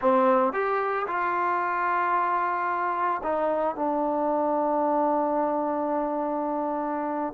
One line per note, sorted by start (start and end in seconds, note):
0.01 0.52 C4
0.52 1.06 G4
1.07 3.21 F4
3.23 3.75 D#4
3.75 7.33 D4